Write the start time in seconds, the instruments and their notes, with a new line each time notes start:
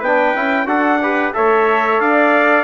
0.00 bassoon B3, trombone D4, trumpet B4 G5
0.36 bassoon C#4, trombone E4
0.66 bassoon D4, trombone F#4, trumpet A4 F#5
1.02 trombone G4, trumpet B4
1.34 bassoon A3, trombone A4, trumpet C#5 E5
2.00 bassoon D4, trumpet D5 F5